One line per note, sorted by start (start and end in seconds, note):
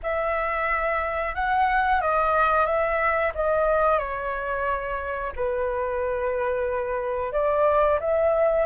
0.02 1.35 E5
1.35 2.01 F#5
2.01 2.65 D#5
2.65 3.32 E5
3.34 3.98 D#5
3.98 5.32 C#5
5.35 7.32 B4
7.32 7.98 D5
8.00 8.65 E5